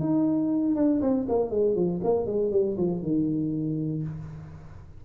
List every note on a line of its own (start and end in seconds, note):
0.00 0.76 D#4
0.76 1.01 D4
1.02 1.27 C4
1.29 1.50 A#3
1.50 1.75 G#3
1.75 2.01 F3
2.04 2.26 A#3
2.26 2.51 G#3
2.51 2.77 G3
2.77 3.02 F3
3.02 4.03 D#3